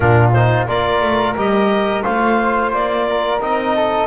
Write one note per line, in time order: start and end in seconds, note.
0.00 0.67 A#2
0.00 0.32 D4
0.00 0.67 F4
0.00 0.30 A#4
0.32 0.68 D#4
0.32 0.66 C5
0.68 1.01 A#3
0.68 1.36 F4
0.68 2.03 A#4
0.68 1.36 D5
1.01 1.35 A3
1.36 2.04 G3
1.36 2.02 G4
1.36 2.03 D#5
2.02 2.72 A3
2.02 3.39 F4
2.02 3.05 C5
2.02 2.71 F5
2.72 3.40 A#3
2.72 3.40 D5
3.09 3.75 A#4
3.40 4.07 C4
3.40 4.07 D#4
3.40 4.07 D#5
3.75 4.07 A4